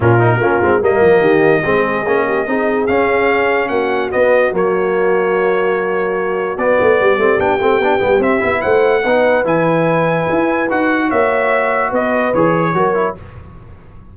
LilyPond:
<<
  \new Staff \with { instrumentName = "trumpet" } { \time 4/4 \tempo 4 = 146 ais'2 dis''2~ | dis''2. f''4~ | f''4 fis''4 dis''4 cis''4~ | cis''1 |
d''2 g''2 | e''4 fis''2 gis''4~ | gis''2 fis''4 e''4~ | e''4 dis''4 cis''2 | }
  \new Staff \with { instrumentName = "horn" } { \time 4/4 f'8. fis'16 f'4 ais'4 g'4 | gis'4. g'8 gis'2~ | gis'4 fis'2.~ | fis'1~ |
fis'4 g'2.~ | g'4 c''4 b'2~ | b'2. cis''4~ | cis''4 b'2 ais'4 | }
  \new Staff \with { instrumentName = "trombone" } { \time 4/4 cis'8 dis'8 cis'8 c'8 ais2 | c'4 cis'4 dis'4 cis'4~ | cis'2 b4 ais4~ | ais1 |
b4. c'8 d'8 c'8 d'8 b8 | c'8 e'4. dis'4 e'4~ | e'2 fis'2~ | fis'2 gis'4 fis'8 e'8 | }
  \new Staff \with { instrumentName = "tuba" } { \time 4/4 ais,4 ais8 gis8 g8 f8 dis4 | gis4 ais4 c'4 cis'4~ | cis'4 ais4 b4 fis4~ | fis1 |
b8 a8 g8 a8 b8 a8 b8 g8 | c'8 b8 a4 b4 e4~ | e4 e'4 dis'4 ais4~ | ais4 b4 e4 fis4 | }
>>